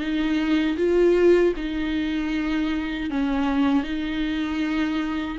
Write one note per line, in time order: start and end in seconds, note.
0.00 0.77 D#4
0.77 1.54 F4
1.57 3.10 D#4
3.10 3.84 C#4
3.84 5.38 D#4